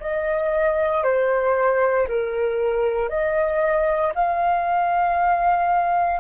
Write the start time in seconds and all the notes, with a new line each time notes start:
0.00 D#5
1.03 C5
2.08 A#4
3.09 D#5
4.15 F5